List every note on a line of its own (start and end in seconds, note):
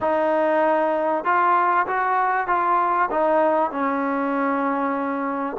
0.01 1.24 D#4
1.24 1.86 F4
1.86 2.47 F#4
2.47 3.09 F4
3.10 3.71 D#4
3.71 5.56 C#4